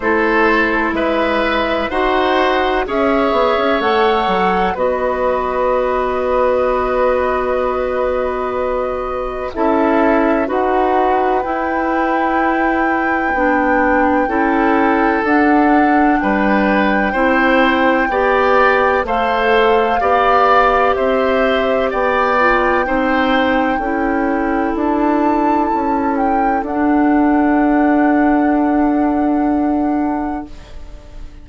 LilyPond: <<
  \new Staff \with { instrumentName = "flute" } { \time 4/4 \tempo 4 = 63 c''4 e''4 fis''4 e''4 | fis''4 dis''2.~ | dis''2 e''4 fis''4 | g''1 |
fis''4 g''2. | f''2 e''4 g''4~ | g''2 a''4. g''8 | fis''1 | }
  \new Staff \with { instrumentName = "oboe" } { \time 4/4 a'4 b'4 c''4 cis''4~ | cis''4 b'2.~ | b'2 a'4 b'4~ | b'2. a'4~ |
a'4 b'4 c''4 d''4 | c''4 d''4 c''4 d''4 | c''4 a'2.~ | a'1 | }
  \new Staff \with { instrumentName = "clarinet" } { \time 4/4 e'2 fis'4 gis'4 | a'4 fis'2.~ | fis'2 e'4 fis'4 | e'2 d'4 e'4 |
d'2 e'4 g'4 | a'4 g'2~ g'8 f'8 | dis'4 e'2. | d'1 | }
  \new Staff \with { instrumentName = "bassoon" } { \time 4/4 a4 gis4 dis'4 cis'8 b16 cis'16 | a8 fis8 b2.~ | b2 cis'4 dis'4 | e'2 b4 cis'4 |
d'4 g4 c'4 b4 | a4 b4 c'4 b4 | c'4 cis'4 d'4 cis'4 | d'1 | }
>>